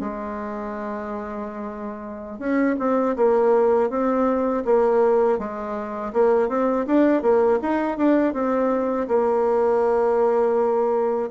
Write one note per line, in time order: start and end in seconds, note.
0.00 2.39 G#3
2.39 2.76 C#4
2.79 3.16 C4
3.16 3.90 A#3
3.90 4.64 C4
4.65 5.39 A#3
5.39 6.13 G#3
6.13 6.49 A#3
6.49 6.86 C4
6.87 7.22 D4
7.22 7.59 A#3
7.62 7.98 D#4
7.98 8.33 D4
8.33 9.07 C4
9.08 11.30 A#3